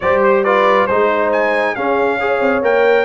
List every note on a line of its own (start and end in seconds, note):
0.00 0.89 G3
0.00 0.45 G4
0.00 0.44 C5
0.00 0.22 D5
0.22 0.44 C5
0.44 0.88 F4
0.44 0.86 B4
0.44 0.86 D5
0.86 1.77 G#3
0.86 1.76 D#4
0.86 1.74 C5
0.86 1.30 C5
1.32 1.75 G#5
1.74 2.20 C#4
1.74 2.40 C#4
1.74 2.18 G#4
1.74 2.62 F5
2.19 2.63 G#4
2.19 3.05 C#5
2.40 2.61 C4
2.61 3.05 A#3
2.61 3.05 A#4
2.61 3.05 G5